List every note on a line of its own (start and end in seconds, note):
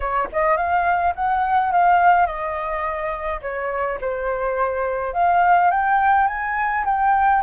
0.00 0.28 C#5
0.32 0.57 D#5
0.57 1.14 F5
1.15 1.71 F#5
1.71 2.26 F5
2.26 3.40 D#5
3.41 3.98 C#5
4.01 5.13 C5
5.13 5.70 F5
5.70 6.27 G5
6.27 6.84 G#5
6.85 7.42 G5